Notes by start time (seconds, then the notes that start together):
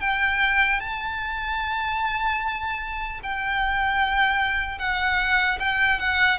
0.00 G5
0.80 A5
3.23 G5
4.79 F#5
5.59 G5
5.99 F#5